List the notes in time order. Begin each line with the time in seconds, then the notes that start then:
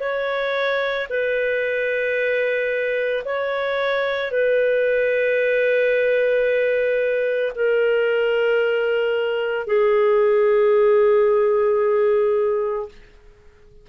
0.00 C#5
1.10 B4
3.25 C#5
4.31 B4
7.55 A#4
9.67 G#4